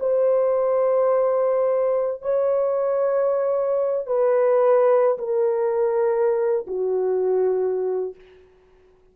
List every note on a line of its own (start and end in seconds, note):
0.00 2.22 C5
2.22 4.07 C#5
4.07 5.18 B4
5.19 6.67 A#4
6.67 8.15 F#4